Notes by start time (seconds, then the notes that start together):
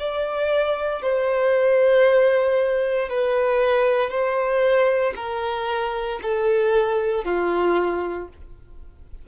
0.00 D5
1.03 C5
3.09 B4
4.11 C5
5.16 A#4
6.23 A4
7.25 F4